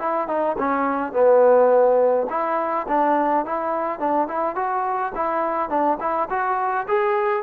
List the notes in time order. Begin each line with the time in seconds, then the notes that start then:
0.00 E4
0.28 D#4
0.59 C#4
1.13 B3
2.30 E4
2.89 D4
3.46 E4
4.00 D4
4.28 E4
4.56 F#4
5.15 E4
5.70 D4
6.01 E4
6.30 F#4
6.88 G#4